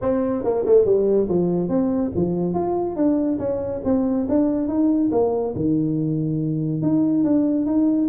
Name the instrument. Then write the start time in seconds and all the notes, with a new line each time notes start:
tuba
0.01 C4
0.44 A#3
0.65 A3
0.85 G3
1.28 F3
1.68 C4
2.15 F3
2.54 F4
2.96 D4
3.38 C#4
3.84 C4
4.28 D4
4.68 D#4
5.11 A#3
5.55 D#3
6.82 D#4
7.24 D4
7.66 D#4